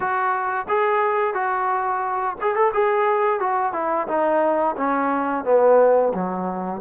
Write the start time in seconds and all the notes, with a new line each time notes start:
0.00 F#4
0.68 G#4
1.34 F#4
2.41 G#4
2.55 A4
2.73 G#4
3.40 F#4
3.73 E4
4.07 D#4
4.77 C#4
5.44 B3
6.14 F#3